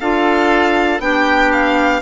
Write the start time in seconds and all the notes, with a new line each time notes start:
0.00 D4 F4 A4 F5
0.99 B3 D4 G4 G5
1.52 F5